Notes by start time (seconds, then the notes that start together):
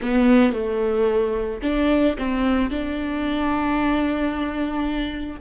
0.01 B3
0.52 A3
1.62 D4
2.17 C4
2.70 D4